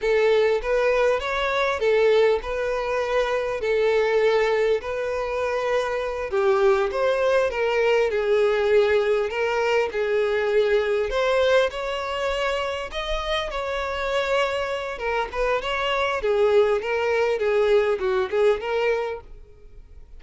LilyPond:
\new Staff \with { instrumentName = "violin" } { \time 4/4 \tempo 4 = 100 a'4 b'4 cis''4 a'4 | b'2 a'2 | b'2~ b'8 g'4 c''8~ | c''8 ais'4 gis'2 ais'8~ |
ais'8 gis'2 c''4 cis''8~ | cis''4. dis''4 cis''4.~ | cis''4 ais'8 b'8 cis''4 gis'4 | ais'4 gis'4 fis'8 gis'8 ais'4 | }